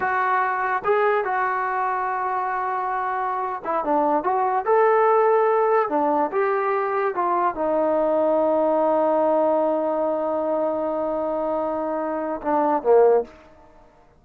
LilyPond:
\new Staff \with { instrumentName = "trombone" } { \time 4/4 \tempo 4 = 145 fis'2 gis'4 fis'4~ | fis'1~ | fis'8. e'8 d'4 fis'4 a'8.~ | a'2~ a'16 d'4 g'8.~ |
g'4~ g'16 f'4 dis'4.~ dis'16~ | dis'1~ | dis'1~ | dis'2 d'4 ais4 | }